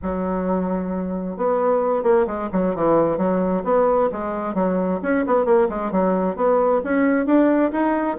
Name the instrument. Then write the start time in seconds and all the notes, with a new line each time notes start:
bassoon
0.02 F#3
1.36 B3
2.03 A#3
2.26 G#3
2.52 F#3
2.75 E3
3.17 F#3
3.64 B3
4.12 G#3
4.54 F#3
5.02 C#4
5.26 B3
5.45 A#3
5.69 G#3
5.91 F#3
6.36 B3
6.83 C#4
7.26 D4
7.71 D#4